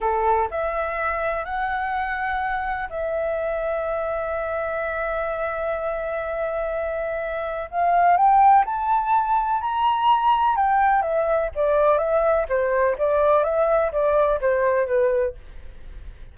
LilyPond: \new Staff \with { instrumentName = "flute" } { \time 4/4 \tempo 4 = 125 a'4 e''2 fis''4~ | fis''2 e''2~ | e''1~ | e''1 |
f''4 g''4 a''2 | ais''2 g''4 e''4 | d''4 e''4 c''4 d''4 | e''4 d''4 c''4 b'4 | }